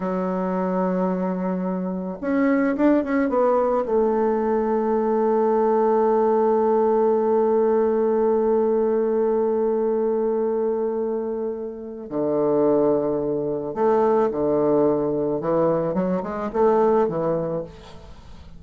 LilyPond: \new Staff \with { instrumentName = "bassoon" } { \time 4/4 \tempo 4 = 109 fis1 | cis'4 d'8 cis'8 b4 a4~ | a1~ | a1~ |
a1~ | a2 d2~ | d4 a4 d2 | e4 fis8 gis8 a4 e4 | }